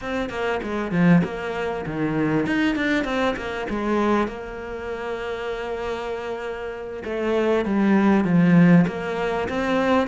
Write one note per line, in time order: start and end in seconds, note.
0.01 0.29 C4
0.29 0.60 A#3
0.63 0.91 G#3
0.91 1.22 F3
1.24 1.85 A#3
1.86 2.46 D#3
2.46 2.75 D#4
2.75 3.04 D4
3.04 3.35 C4
3.36 3.67 A#3
3.69 4.27 G#3
4.27 7.03 A#3
7.04 7.65 A3
7.65 8.24 G3
8.24 8.85 F3
8.87 9.48 A#3
9.48 10.07 C4